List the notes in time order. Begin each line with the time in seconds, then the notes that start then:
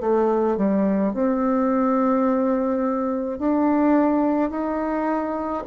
0.00 A3
0.57 G3
1.13 C4
3.38 D4
4.50 D#4